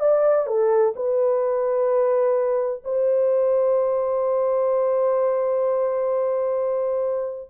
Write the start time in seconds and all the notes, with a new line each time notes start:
0.00 D5
0.47 A4
0.95 B4
2.84 C5